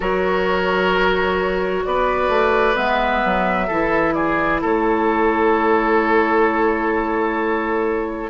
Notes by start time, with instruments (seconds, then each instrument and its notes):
0.00 bassoon F#3, clarinet F#4, oboe A#4, flute C#5
1.85 bassoon B3, oboe B4, flute D5
2.28 bassoon A3
2.75 bassoon G#3, clarinet B3, flute E5
3.24 bassoon F#3
3.67 bassoon E3, clarinet E4, oboe A4
4.13 oboe G#4, flute D5
4.61 bassoon A3, oboe A4, flute C#5